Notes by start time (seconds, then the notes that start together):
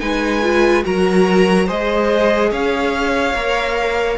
0.00 G#3 D#4 B4 G#5
0.43 F4
0.84 F#3 F#4 A#4 A#5
1.66 G#3 G#4 C5 D#5
2.52 C#4 C#5 F5
3.35 A#3 A#4